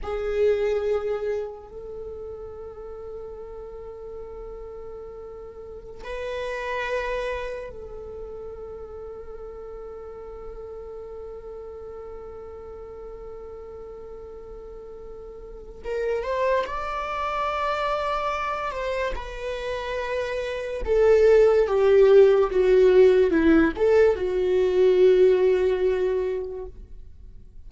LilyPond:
\new Staff \with { instrumentName = "viola" } { \time 4/4 \tempo 4 = 72 gis'2 a'2~ | a'2.~ a'16 b'8.~ | b'4~ b'16 a'2~ a'8.~ | a'1~ |
a'2. ais'8 c''8 | d''2~ d''8 c''8 b'4~ | b'4 a'4 g'4 fis'4 | e'8 a'8 fis'2. | }